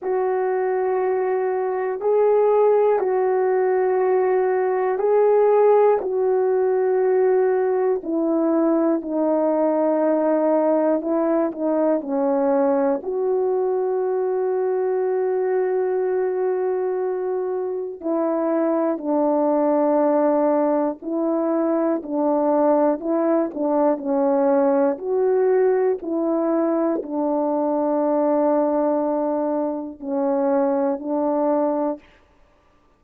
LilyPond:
\new Staff \with { instrumentName = "horn" } { \time 4/4 \tempo 4 = 60 fis'2 gis'4 fis'4~ | fis'4 gis'4 fis'2 | e'4 dis'2 e'8 dis'8 | cis'4 fis'2.~ |
fis'2 e'4 d'4~ | d'4 e'4 d'4 e'8 d'8 | cis'4 fis'4 e'4 d'4~ | d'2 cis'4 d'4 | }